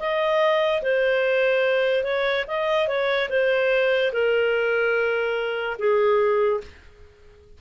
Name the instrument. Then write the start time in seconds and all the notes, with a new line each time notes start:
clarinet
0.00 D#5
0.83 C5
2.04 C#5
2.48 D#5
2.88 C#5
3.30 C5
4.13 A#4
5.79 G#4